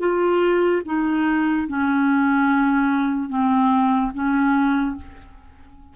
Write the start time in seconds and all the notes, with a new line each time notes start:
0.00 F4
0.86 D#4
1.68 C#4
3.30 C4
4.14 C#4